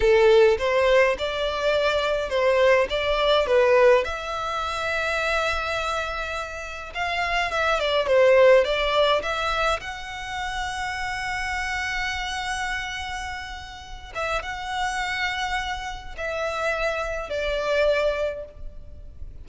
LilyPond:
\new Staff \with { instrumentName = "violin" } { \time 4/4 \tempo 4 = 104 a'4 c''4 d''2 | c''4 d''4 b'4 e''4~ | e''1 | f''4 e''8 d''8 c''4 d''4 |
e''4 fis''2.~ | fis''1~ | fis''8 e''8 fis''2. | e''2 d''2 | }